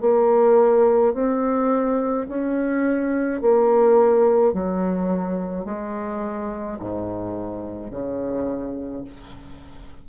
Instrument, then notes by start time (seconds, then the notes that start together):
bassoon
0.00 A#3
1.13 C4
2.28 C#4
3.41 A#3
4.53 F#3
5.64 G#3
6.79 G#2
7.90 C#3